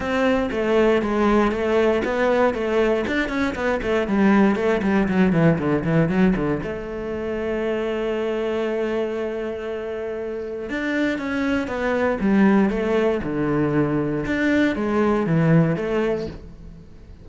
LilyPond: \new Staff \with { instrumentName = "cello" } { \time 4/4 \tempo 4 = 118 c'4 a4 gis4 a4 | b4 a4 d'8 cis'8 b8 a8 | g4 a8 g8 fis8 e8 d8 e8 | fis8 d8 a2.~ |
a1~ | a4 d'4 cis'4 b4 | g4 a4 d2 | d'4 gis4 e4 a4 | }